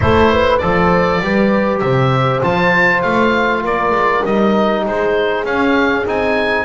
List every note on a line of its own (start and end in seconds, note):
0.00 0.62 A3
0.00 0.60 E4
0.00 0.31 A4
0.00 0.58 C5
0.31 0.61 B4
0.58 1.20 F3
0.58 1.22 A4
0.58 1.21 C5
0.58 1.79 D5
1.20 1.81 G3
1.20 2.42 G4
1.20 1.82 B4
1.79 2.42 C3
1.79 3.62 C5
1.79 2.40 E5
2.42 3.03 F3
2.42 4.24 F4
2.42 3.02 A5
3.02 3.64 A3
3.02 3.62 F5
3.62 3.91 A#3
3.62 4.83 A#4
3.62 4.25 D5
3.91 4.21 G#3
4.25 4.85 G3
4.25 5.45 D#4
4.25 4.85 D#5
4.85 5.44 G#3
4.85 6.65 G#4
4.85 5.45 C5
5.44 6.04 C#4
5.44 6.05 C#4
5.44 6.06 F5
6.05 6.65 C4
6.05 6.65 D#4
6.05 6.65 G#5